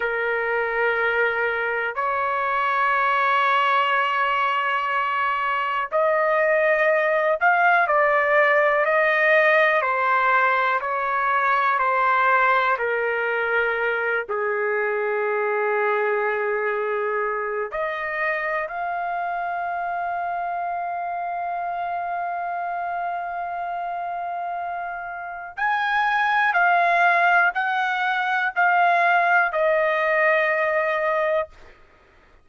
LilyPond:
\new Staff \with { instrumentName = "trumpet" } { \time 4/4 \tempo 4 = 61 ais'2 cis''2~ | cis''2 dis''4. f''8 | d''4 dis''4 c''4 cis''4 | c''4 ais'4. gis'4.~ |
gis'2 dis''4 f''4~ | f''1~ | f''2 gis''4 f''4 | fis''4 f''4 dis''2 | }